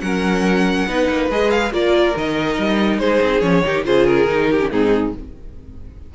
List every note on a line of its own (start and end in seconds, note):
0.00 0.87 F#3
0.00 0.87 C#4
0.00 0.88 A#4
0.00 1.28 F#5
0.87 1.08 B3
0.87 1.30 D#4
0.87 1.73 B4
1.10 1.30 A#3
1.30 1.72 G#3
1.30 1.72 G#4
1.30 1.51 D#5
1.51 1.72 F5
1.72 2.14 A#3
1.72 2.15 F4
1.72 3.00 A#4
1.72 2.16 D5
2.16 2.58 D#3
2.16 3.42 D#4
2.16 2.99 D#5
2.58 2.98 G3
2.98 3.19 G#3
2.98 3.64 G#4
2.98 3.40 C5
3.21 3.41 C4
3.40 3.63 F3
3.40 3.63 C#4
3.40 3.83 C#5
3.64 3.86 D#3
3.64 3.84 D#4
3.64 3.86 G4
3.84 4.25 C#3
3.84 4.27 F4
3.84 4.50 G#4
3.84 4.06 C5
4.06 4.70 A#4
4.25 4.68 D#3
4.25 4.59 D#4
4.51 4.72 G4
4.60 4.70 C#4
4.71 5.14 G#2
4.71 5.13 C4
4.71 5.14 D#4
4.71 5.13 G#4